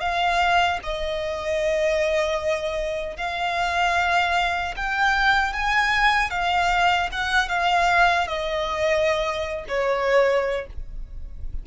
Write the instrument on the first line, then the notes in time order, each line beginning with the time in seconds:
violin
0.00 F5
0.83 D#5
3.16 F5
4.76 G5
5.53 G#5
6.30 F5
7.12 F#5
7.48 F5
8.27 D#5
9.68 C#5